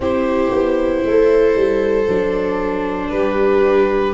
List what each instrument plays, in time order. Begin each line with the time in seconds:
0.00 tuba C4, viola E4 G4, violin C5
0.51 tuba B3
1.05 tuba A3, viola A4
1.55 tuba G3
2.08 tuba F#3, viola D4
3.10 tuba G3, viola G4, violin B4